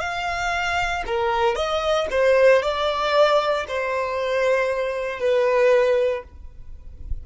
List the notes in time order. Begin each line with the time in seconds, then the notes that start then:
0.00 F5
1.06 A#4
1.56 D#5
2.11 C5
2.63 D5
3.68 C5
5.20 B4